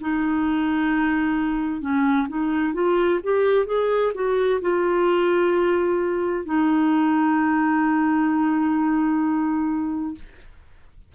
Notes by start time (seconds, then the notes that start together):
0.00 D#4
1.81 C#4
2.28 D#4
2.74 F4
3.23 G4
3.66 G#4
4.14 F#4
4.61 F4
6.45 D#4